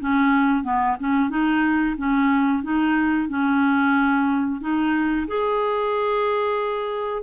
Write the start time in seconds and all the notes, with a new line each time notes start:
0.00 C#4
0.64 B3
1.00 C#4
1.30 D#4
1.98 C#4
2.63 D#4
3.29 C#4
4.61 D#4
5.28 G#4